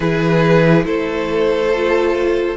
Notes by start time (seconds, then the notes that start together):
0.00 E3 E4 G#4 B4
0.84 A3 A4 C5
1.73 F4